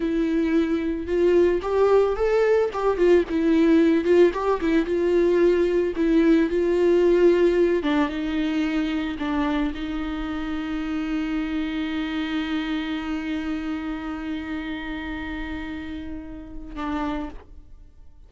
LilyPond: \new Staff \with { instrumentName = "viola" } { \time 4/4 \tempo 4 = 111 e'2 f'4 g'4 | a'4 g'8 f'8 e'4. f'8 | g'8 e'8 f'2 e'4 | f'2~ f'8 d'8 dis'4~ |
dis'4 d'4 dis'2~ | dis'1~ | dis'1~ | dis'2. d'4 | }